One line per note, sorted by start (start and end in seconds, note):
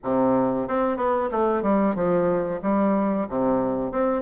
0.03 0.68 C3
0.68 0.96 C4
0.96 1.29 B3
1.31 1.62 A3
1.62 1.95 G3
1.95 2.60 F3
2.62 3.27 G3
3.28 3.91 C3
3.91 4.22 C4